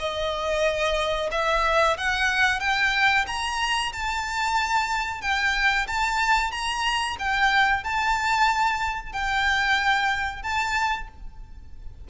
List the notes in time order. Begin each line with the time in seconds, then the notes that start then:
0.00 D#5
1.32 E5
1.97 F#5
2.60 G5
3.27 A#5
3.93 A5
5.22 G5
5.88 A5
6.52 A#5
7.19 G5
7.84 A5
9.13 G5
10.43 A5